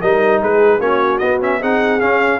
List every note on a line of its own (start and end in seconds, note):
0.00 0.42 G3
0.00 0.80 D#4
0.00 0.40 A#4
0.00 0.41 D#5
0.40 0.79 G#3
0.40 0.79 G#4
0.40 0.80 B4
0.79 1.19 A#3
0.79 1.20 C#4
0.79 1.59 F#4
0.79 1.18 C#5
1.18 1.40 B3
1.18 1.62 B3
1.18 1.38 D#5
1.40 1.60 C#4
1.40 1.62 E5
1.59 2.01 C4
1.59 2.00 D#4
1.59 2.39 G#4
1.59 2.00 F#5
2.00 2.39 C#4
2.00 2.39 F5